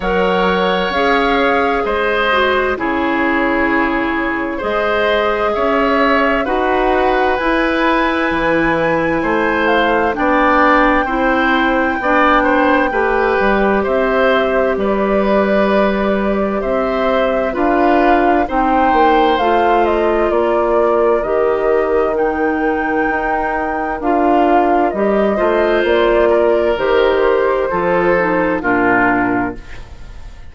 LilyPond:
<<
  \new Staff \with { instrumentName = "flute" } { \time 4/4 \tempo 4 = 65 fis''4 f''4 dis''4 cis''4~ | cis''4 dis''4 e''4 fis''4 | gis''2~ gis''8 f''8 g''4~ | g''2. e''4 |
d''2 e''4 f''4 | g''4 f''8 dis''8 d''4 dis''4 | g''2 f''4 dis''4 | d''4 c''2 ais'4 | }
  \new Staff \with { instrumentName = "oboe" } { \time 4/4 cis''2 c''4 gis'4~ | gis'4 c''4 cis''4 b'4~ | b'2 c''4 d''4 | c''4 d''8 c''8 b'4 c''4 |
b'2 c''4 b'4 | c''2 ais'2~ | ais'2.~ ais'8 c''8~ | c''8 ais'4. a'4 f'4 | }
  \new Staff \with { instrumentName = "clarinet" } { \time 4/4 ais'4 gis'4. fis'8 e'4~ | e'4 gis'2 fis'4 | e'2. d'4 | e'4 d'4 g'2~ |
g'2. f'4 | dis'4 f'2 g'4 | dis'2 f'4 g'8 f'8~ | f'4 g'4 f'8 dis'8 d'4 | }
  \new Staff \with { instrumentName = "bassoon" } { \time 4/4 fis4 cis'4 gis4 cis4~ | cis4 gis4 cis'4 dis'4 | e'4 e4 a4 b4 | c'4 b4 a8 g8 c'4 |
g2 c'4 d'4 | c'8 ais8 a4 ais4 dis4~ | dis4 dis'4 d'4 g8 a8 | ais4 dis4 f4 ais,4 | }
>>